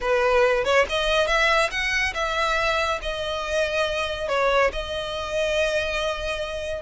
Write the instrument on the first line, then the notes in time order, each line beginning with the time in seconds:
violin
0.01 B4
0.64 C#5
0.89 D#5
1.27 E5
1.70 F#5
2.14 E5
3.02 D#5
4.28 C#5
4.72 D#5